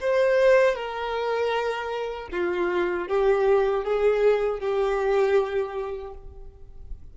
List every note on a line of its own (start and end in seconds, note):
0.00 0.75 C5
0.75 2.29 A#4
2.31 3.08 F4
3.08 3.84 G4
3.84 4.59 G#4
4.59 6.13 G4